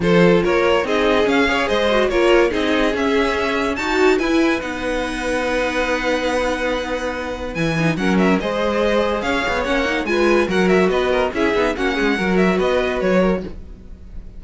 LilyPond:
<<
  \new Staff \with { instrumentName = "violin" } { \time 4/4 \tempo 4 = 143 c''4 cis''4 dis''4 f''4 | dis''4 cis''4 dis''4 e''4~ | e''4 a''4 gis''4 fis''4~ | fis''1~ |
fis''2 gis''4 fis''8 e''8 | dis''2 f''4 fis''4 | gis''4 fis''8 e''8 dis''4 e''4 | fis''4. e''8 dis''4 cis''4 | }
  \new Staff \with { instrumentName = "violin" } { \time 4/4 a'4 ais'4 gis'4. cis''8 | c''4 ais'4 gis'2~ | gis'4 fis'4 b'2~ | b'1~ |
b'2. ais'4 | c''2 cis''2 | b'4 ais'4 b'8 ais'8 gis'4 | fis'8 gis'8 ais'4 b'4. ais'8 | }
  \new Staff \with { instrumentName = "viola" } { \time 4/4 f'2 dis'4 cis'8 gis'8~ | gis'8 fis'8 f'4 dis'4 cis'4~ | cis'4 fis'4 e'4 dis'4~ | dis'1~ |
dis'2 e'8 dis'8 cis'4 | gis'2. cis'8 dis'8 | f'4 fis'2 e'8 dis'8 | cis'4 fis'2. | }
  \new Staff \with { instrumentName = "cello" } { \time 4/4 f4 ais4 c'4 cis'4 | gis4 ais4 c'4 cis'4~ | cis'4 dis'4 e'4 b4~ | b1~ |
b2 e4 fis4 | gis2 cis'8 b8 ais4 | gis4 fis4 b4 cis'8 b8 | ais8 gis8 fis4 b4 fis4 | }
>>